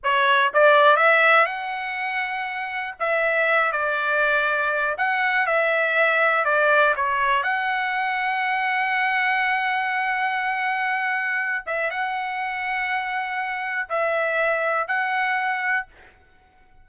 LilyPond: \new Staff \with { instrumentName = "trumpet" } { \time 4/4 \tempo 4 = 121 cis''4 d''4 e''4 fis''4~ | fis''2 e''4. d''8~ | d''2 fis''4 e''4~ | e''4 d''4 cis''4 fis''4~ |
fis''1~ | fis''2.~ fis''8 e''8 | fis''1 | e''2 fis''2 | }